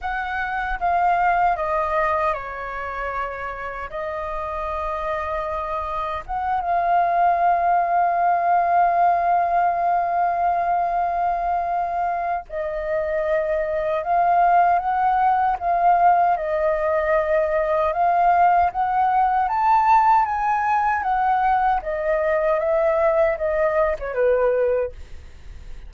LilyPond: \new Staff \with { instrumentName = "flute" } { \time 4/4 \tempo 4 = 77 fis''4 f''4 dis''4 cis''4~ | cis''4 dis''2. | fis''8 f''2.~ f''8~ | f''1 |
dis''2 f''4 fis''4 | f''4 dis''2 f''4 | fis''4 a''4 gis''4 fis''4 | dis''4 e''4 dis''8. cis''16 b'4 | }